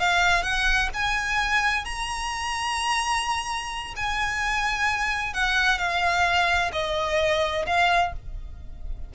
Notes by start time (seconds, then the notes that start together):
0.00 F5
0.43 F#5
0.94 G#5
1.85 A#5
3.96 G#5
5.34 F#5
5.79 F5
6.73 D#5
7.67 F5